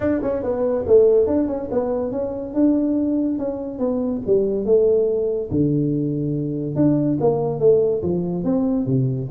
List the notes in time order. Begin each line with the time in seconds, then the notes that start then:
0.00 D4
0.22 C#4
0.43 B3
0.86 A3
1.26 D4
1.47 C#4
1.71 B3
2.11 C#4
2.54 D4
3.38 C#4
3.78 B3
4.26 G3
4.65 A3
5.50 D3
6.75 D4
7.20 A#3
7.59 A3
8.02 F3
8.44 C4
8.86 C3